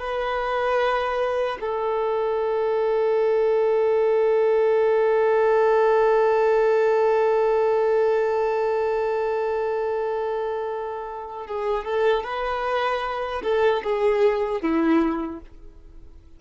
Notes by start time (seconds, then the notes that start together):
0.00 B4
1.60 A4
11.47 G#4
11.85 A4
12.24 B4
13.43 A4
13.84 G#4
14.62 E4